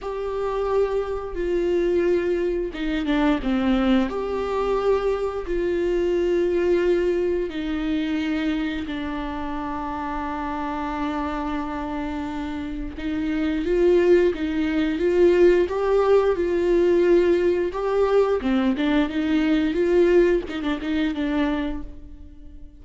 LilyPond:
\new Staff \with { instrumentName = "viola" } { \time 4/4 \tempo 4 = 88 g'2 f'2 | dis'8 d'8 c'4 g'2 | f'2. dis'4~ | dis'4 d'2.~ |
d'2. dis'4 | f'4 dis'4 f'4 g'4 | f'2 g'4 c'8 d'8 | dis'4 f'4 dis'16 d'16 dis'8 d'4 | }